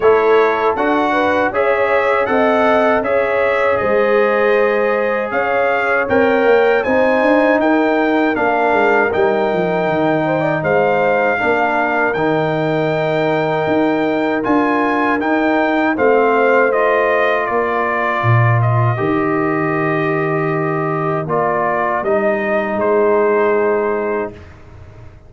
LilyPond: <<
  \new Staff \with { instrumentName = "trumpet" } { \time 4/4 \tempo 4 = 79 cis''4 fis''4 e''4 fis''4 | e''4 dis''2 f''4 | g''4 gis''4 g''4 f''4 | g''2 f''2 |
g''2. gis''4 | g''4 f''4 dis''4 d''4~ | d''8 dis''2.~ dis''8 | d''4 dis''4 c''2 | }
  \new Staff \with { instrumentName = "horn" } { \time 4/4 a'4. b'8 cis''4 dis''4 | cis''4 c''2 cis''4~ | cis''4 c''4 ais'2~ | ais'4. c''16 d''16 c''4 ais'4~ |
ais'1~ | ais'4 c''2 ais'4~ | ais'1~ | ais'2 gis'2 | }
  \new Staff \with { instrumentName = "trombone" } { \time 4/4 e'4 fis'4 gis'4 a'4 | gis'1 | ais'4 dis'2 d'4 | dis'2. d'4 |
dis'2. f'4 | dis'4 c'4 f'2~ | f'4 g'2. | f'4 dis'2. | }
  \new Staff \with { instrumentName = "tuba" } { \time 4/4 a4 d'4 cis'4 c'4 | cis'4 gis2 cis'4 | c'8 ais8 c'8 d'8 dis'4 ais8 gis8 | g8 f8 dis4 gis4 ais4 |
dis2 dis'4 d'4 | dis'4 a2 ais4 | ais,4 dis2. | ais4 g4 gis2 | }
>>